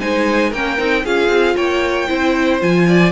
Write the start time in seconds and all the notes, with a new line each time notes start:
0.00 G#3 D#4 C5 G#5
0.50 A#3 C#4 A#4 G5
0.78 C4 D#4
1.04 C#4 F4 G#4 F5
1.29 C4
1.56 A#3 C#5 G5
2.08 C4 E4 C5
2.60 F3 F4 G#5
2.88 D5